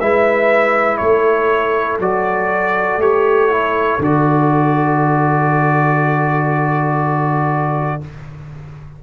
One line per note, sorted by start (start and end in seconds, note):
0.00 1.00 G#3
0.00 2.01 E4
0.00 1.00 B4
0.00 0.97 E5
0.97 1.99 A3
0.97 8.00 A4
0.97 1.97 C#5
1.99 2.97 F#3
1.99 3.01 F#4
1.99 3.01 D5
2.97 3.97 A3
2.97 3.50 G4
2.97 4.01 C#5
3.50 4.00 E4
3.99 7.99 D3
3.99 8.01 F#4
3.99 8.03 D5